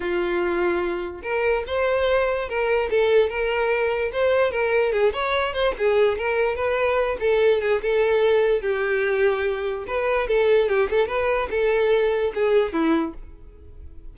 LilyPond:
\new Staff \with { instrumentName = "violin" } { \time 4/4 \tempo 4 = 146 f'2. ais'4 | c''2 ais'4 a'4 | ais'2 c''4 ais'4 | gis'8 cis''4 c''8 gis'4 ais'4 |
b'4. a'4 gis'8 a'4~ | a'4 g'2. | b'4 a'4 g'8 a'8 b'4 | a'2 gis'4 e'4 | }